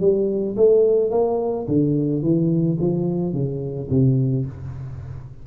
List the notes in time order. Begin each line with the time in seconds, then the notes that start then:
0.00 G3
0.56 A3
1.10 A#3
1.68 D3
2.22 E3
2.80 F3
3.33 C#3
3.90 C3